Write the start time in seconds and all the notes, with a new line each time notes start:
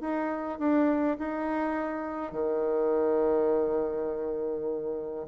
0.00 D#4
0.59 D4
1.18 D#4
2.32 D#3